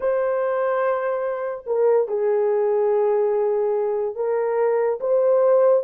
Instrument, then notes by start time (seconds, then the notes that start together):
horn
0.00 C5
1.66 A#4
2.08 G#4
4.15 A#4
5.00 C5